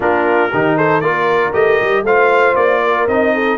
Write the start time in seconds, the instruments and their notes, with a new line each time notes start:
0.00 tuba A#3, trombone D4, horn F4, trumpet A#4
0.52 tuba D#3, trombone D#4, horn G4
0.76 horn A4, trumpet C5
1.00 tuba A#3, trombone F4, horn A#4, trumpet D5
1.53 tuba A3, trombone G4, trumpet D#5
1.80 tuba G3
2.02 tuba A3, trombone F4, horn C5, trumpet F5
2.55 tuba A#3, trumpet D5
2.83 horn A#4
3.07 tuba C4, trombone D#4, trumpet D#5
3.34 horn A4